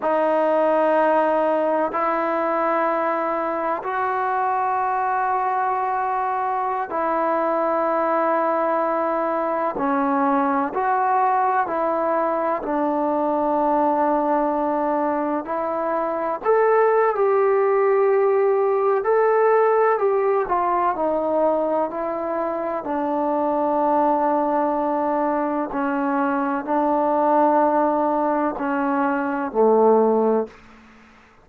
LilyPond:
\new Staff \with { instrumentName = "trombone" } { \time 4/4 \tempo 4 = 63 dis'2 e'2 | fis'2.~ fis'16 e'8.~ | e'2~ e'16 cis'4 fis'8.~ | fis'16 e'4 d'2~ d'8.~ |
d'16 e'4 a'8. g'2 | a'4 g'8 f'8 dis'4 e'4 | d'2. cis'4 | d'2 cis'4 a4 | }